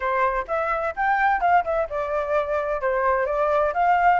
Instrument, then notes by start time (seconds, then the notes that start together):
flute
0.00 C5
0.47 E5
0.96 G5
1.40 F5
1.64 E5
1.89 D5
2.81 C5
3.26 D5
3.73 F5